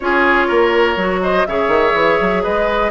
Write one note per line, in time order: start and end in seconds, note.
0.00 0.49 C#4
0.00 0.97 F4
0.00 0.47 G#4
0.00 1.20 C#5
0.47 0.96 A#3
0.47 1.20 A#4
0.96 1.45 F#3
0.96 1.46 F#4
1.22 1.47 C5
1.22 1.46 D#5
1.46 1.68 C#3
1.46 2.91 G#4
1.46 2.43 C#5
1.46 2.43 E5
1.68 1.92 D#3
1.94 2.18 E3
2.20 2.45 F#3
2.43 2.91 G#3
2.43 2.91 B4
2.43 2.91 D#5